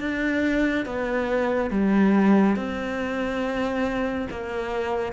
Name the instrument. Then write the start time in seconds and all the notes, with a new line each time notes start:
cello
0.00 D4
0.86 B3
1.71 G3
2.56 C4
4.31 A#3